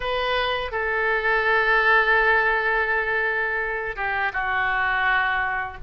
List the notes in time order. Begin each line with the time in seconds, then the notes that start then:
0.00 B4
0.71 A4
3.96 G4
4.32 F#4